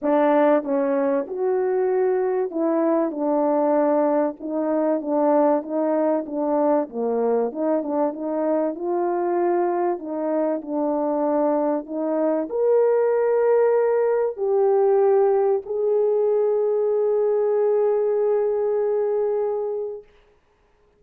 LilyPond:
\new Staff \with { instrumentName = "horn" } { \time 4/4 \tempo 4 = 96 d'4 cis'4 fis'2 | e'4 d'2 dis'4 | d'4 dis'4 d'4 ais4 | dis'8 d'8 dis'4 f'2 |
dis'4 d'2 dis'4 | ais'2. g'4~ | g'4 gis'2.~ | gis'1 | }